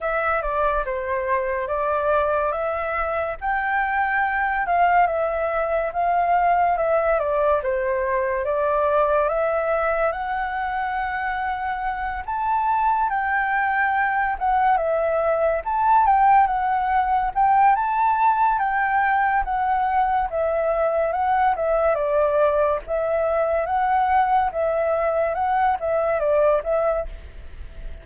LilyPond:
\new Staff \with { instrumentName = "flute" } { \time 4/4 \tempo 4 = 71 e''8 d''8 c''4 d''4 e''4 | g''4. f''8 e''4 f''4 | e''8 d''8 c''4 d''4 e''4 | fis''2~ fis''8 a''4 g''8~ |
g''4 fis''8 e''4 a''8 g''8 fis''8~ | fis''8 g''8 a''4 g''4 fis''4 | e''4 fis''8 e''8 d''4 e''4 | fis''4 e''4 fis''8 e''8 d''8 e''8 | }